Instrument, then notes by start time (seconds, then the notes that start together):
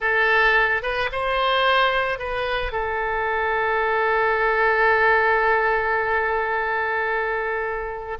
oboe
0.00 A4
0.82 B4
1.12 C5
2.18 B4
2.72 A4